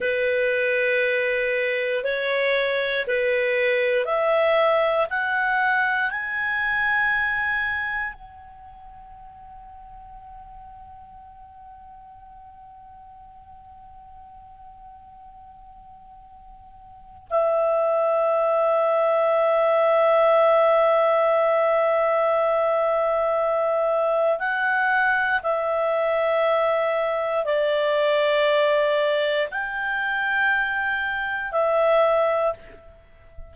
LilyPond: \new Staff \with { instrumentName = "clarinet" } { \time 4/4 \tempo 4 = 59 b'2 cis''4 b'4 | e''4 fis''4 gis''2 | fis''1~ | fis''1~ |
fis''4 e''2.~ | e''1 | fis''4 e''2 d''4~ | d''4 g''2 e''4 | }